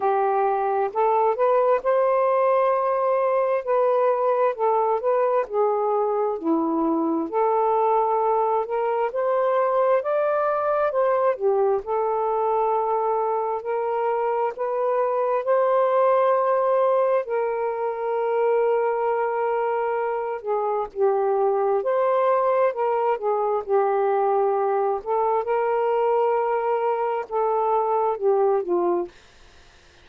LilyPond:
\new Staff \with { instrumentName = "saxophone" } { \time 4/4 \tempo 4 = 66 g'4 a'8 b'8 c''2 | b'4 a'8 b'8 gis'4 e'4 | a'4. ais'8 c''4 d''4 | c''8 g'8 a'2 ais'4 |
b'4 c''2 ais'4~ | ais'2~ ais'8 gis'8 g'4 | c''4 ais'8 gis'8 g'4. a'8 | ais'2 a'4 g'8 f'8 | }